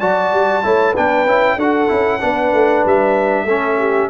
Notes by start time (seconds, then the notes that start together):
0.00 F#3 F#4 D5 A5
0.32 G3
0.63 A3 E4 C#5
0.93 B3 D4 B4 G5
1.26 C#4 E4
1.56 D4 F#4 A4 F#5
1.88 C#4 E4
2.21 B3 D4 B4
2.53 A3
2.85 G3 E5
3.45 A3 C#4 A4
3.79 G4